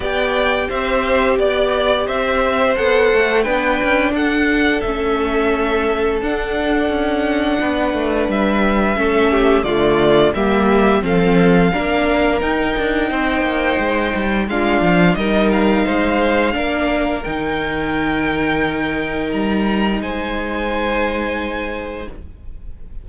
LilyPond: <<
  \new Staff \with { instrumentName = "violin" } { \time 4/4 \tempo 4 = 87 g''4 e''4 d''4 e''4 | fis''4 g''4 fis''4 e''4~ | e''4 fis''2. | e''2 d''4 e''4 |
f''2 g''2~ | g''4 f''4 dis''8 f''4.~ | f''4 g''2. | ais''4 gis''2. | }
  \new Staff \with { instrumentName = "violin" } { \time 4/4 d''4 c''4 d''4 c''4~ | c''4 b'4 a'2~ | a'2. b'4~ | b'4 a'8 g'8 f'4 g'4 |
a'4 ais'2 c''4~ | c''4 f'4 ais'4 c''4 | ais'1~ | ais'4 c''2. | }
  \new Staff \with { instrumentName = "viola" } { \time 4/4 g'1 | a'4 d'2 cis'4~ | cis'4 d'2.~ | d'4 cis'4 a4 ais4 |
c'4 d'4 dis'2~ | dis'4 d'4 dis'2 | d'4 dis'2.~ | dis'1 | }
  \new Staff \with { instrumentName = "cello" } { \time 4/4 b4 c'4 b4 c'4 | b8 a8 b8 cis'8 d'4 a4~ | a4 d'4 cis'4 b8 a8 | g4 a4 d4 g4 |
f4 ais4 dis'8 d'8 c'8 ais8 | gis8 g8 gis8 f8 g4 gis4 | ais4 dis2. | g4 gis2. | }
>>